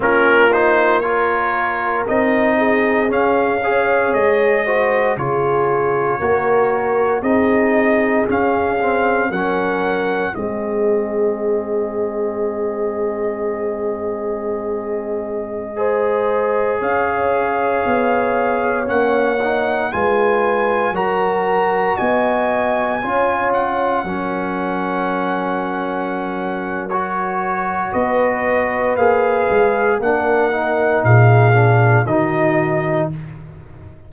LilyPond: <<
  \new Staff \with { instrumentName = "trumpet" } { \time 4/4 \tempo 4 = 58 ais'8 c''8 cis''4 dis''4 f''4 | dis''4 cis''2 dis''4 | f''4 fis''4 dis''2~ | dis''1~ |
dis''16 f''2 fis''4 gis''8.~ | gis''16 ais''4 gis''4. fis''4~ fis''16~ | fis''2 cis''4 dis''4 | f''4 fis''4 f''4 dis''4 | }
  \new Staff \with { instrumentName = "horn" } { \time 4/4 f'4 ais'4. gis'4 cis''8~ | cis''8 c''8 gis'4 ais'4 gis'4~ | gis'4 ais'4 gis'2~ | gis'2.~ gis'16 c''8.~ |
c''16 cis''2. b'8.~ | b'16 ais'4 dis''4 cis''4 ais'8.~ | ais'2. b'4~ | b'4 ais'4 gis'4 fis'4 | }
  \new Staff \with { instrumentName = "trombone" } { \time 4/4 cis'8 dis'8 f'4 dis'4 cis'8 gis'8~ | gis'8 fis'8 f'4 fis'4 dis'4 | cis'8 c'8 cis'4 c'2~ | c'2.~ c'16 gis'8.~ |
gis'2~ gis'16 cis'8 dis'8 f'8.~ | f'16 fis'2 f'4 cis'8.~ | cis'2 fis'2 | gis'4 d'8 dis'4 d'8 dis'4 | }
  \new Staff \with { instrumentName = "tuba" } { \time 4/4 ais2 c'4 cis'4 | gis4 cis4 ais4 c'4 | cis'4 fis4 gis2~ | gis1~ |
gis16 cis'4 b4 ais4 gis8.~ | gis16 fis4 b4 cis'4 fis8.~ | fis2. b4 | ais8 gis8 ais4 ais,4 dis4 | }
>>